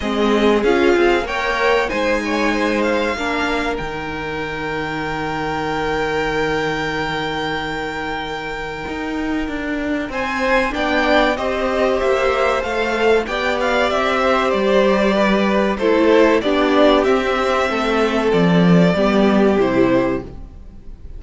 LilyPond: <<
  \new Staff \with { instrumentName = "violin" } { \time 4/4 \tempo 4 = 95 dis''4 f''4 g''4 gis''4~ | gis''8 f''4. g''2~ | g''1~ | g''1 |
gis''4 g''4 dis''4 e''4 | f''4 g''8 f''8 e''4 d''4~ | d''4 c''4 d''4 e''4~ | e''4 d''2 c''4 | }
  \new Staff \with { instrumentName = "violin" } { \time 4/4 gis'2 cis''4 c''8 cis''8 | c''4 ais'2.~ | ais'1~ | ais'1 |
c''4 d''4 c''2~ | c''4 d''4. c''4. | b'4 a'4 g'2 | a'2 g'2 | }
  \new Staff \with { instrumentName = "viola" } { \time 4/4 c'4 f'4 ais'4 dis'4~ | dis'4 d'4 dis'2~ | dis'1~ | dis'1~ |
dis'4 d'4 g'2 | a'4 g'2.~ | g'4 e'4 d'4 c'4~ | c'2 b4 e'4 | }
  \new Staff \with { instrumentName = "cello" } { \time 4/4 gis4 cis'8 c'8 ais4 gis4~ | gis4 ais4 dis2~ | dis1~ | dis2 dis'4 d'4 |
c'4 b4 c'4 ais4 | a4 b4 c'4 g4~ | g4 a4 b4 c'4 | a4 f4 g4 c4 | }
>>